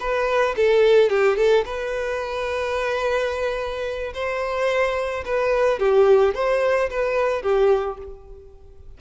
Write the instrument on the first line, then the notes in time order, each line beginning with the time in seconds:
violin
0.00 B4
0.56 A4
1.10 G4
1.37 A4
1.65 B4
4.14 C5
5.25 B4
5.79 G4
6.35 C5
6.90 B4
7.43 G4